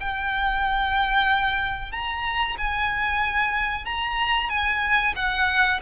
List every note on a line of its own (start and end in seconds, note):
0.00 1.91 G5
1.91 2.56 A#5
2.58 3.85 G#5
3.85 4.49 A#5
4.49 5.14 G#5
5.16 5.80 F#5